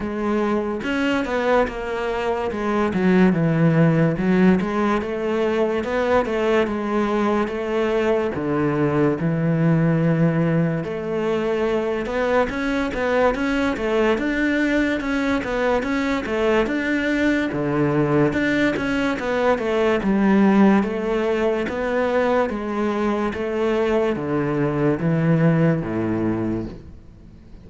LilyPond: \new Staff \with { instrumentName = "cello" } { \time 4/4 \tempo 4 = 72 gis4 cis'8 b8 ais4 gis8 fis8 | e4 fis8 gis8 a4 b8 a8 | gis4 a4 d4 e4~ | e4 a4. b8 cis'8 b8 |
cis'8 a8 d'4 cis'8 b8 cis'8 a8 | d'4 d4 d'8 cis'8 b8 a8 | g4 a4 b4 gis4 | a4 d4 e4 a,4 | }